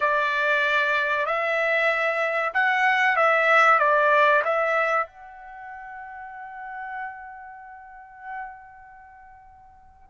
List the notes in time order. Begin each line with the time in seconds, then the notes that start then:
0.00 D5
1.26 E5
2.53 F#5
3.16 E5
3.79 D5
4.44 E5
5.06 F#5